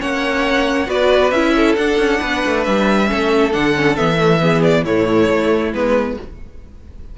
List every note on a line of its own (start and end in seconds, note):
0.00 0.88 A#3
0.00 0.86 C#4
0.00 0.87 C#5
0.00 0.90 F#5
0.86 1.32 B3
0.86 1.31 F#4
0.86 1.53 B4
0.86 1.31 D5
1.31 1.76 C#4
1.31 1.78 E4
1.31 1.75 E5
1.56 2.20 A4
1.76 3.06 D4
1.76 1.98 D4
1.76 2.64 F#5
1.98 2.20 C#4
2.20 2.44 B3
2.20 3.08 B4
2.45 2.67 A3
2.64 3.11 G3
2.64 3.52 E5
3.06 3.55 A3
3.06 3.51 C#4
3.06 4.42 A4
3.52 3.99 D3
3.52 3.74 D4
3.52 3.96 F#5
3.75 3.97 C#4
3.96 4.85 E3
3.96 4.15 B3
3.96 4.62 E5
4.15 4.37 A3
4.41 4.85 B3
4.41 4.84 G#4
4.63 4.85 D5
4.84 5.29 A2
4.84 5.74 A3
4.84 6.17 E4
4.84 5.73 C#5
5.30 5.73 A3
5.73 6.17 G#3
5.73 6.18 B3
5.73 6.18 B4